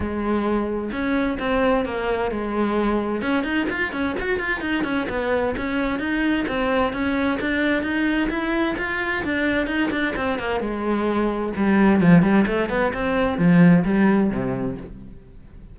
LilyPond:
\new Staff \with { instrumentName = "cello" } { \time 4/4 \tempo 4 = 130 gis2 cis'4 c'4 | ais4 gis2 cis'8 dis'8 | f'8 cis'8 fis'8 f'8 dis'8 cis'8 b4 | cis'4 dis'4 c'4 cis'4 |
d'4 dis'4 e'4 f'4 | d'4 dis'8 d'8 c'8 ais8 gis4~ | gis4 g4 f8 g8 a8 b8 | c'4 f4 g4 c4 | }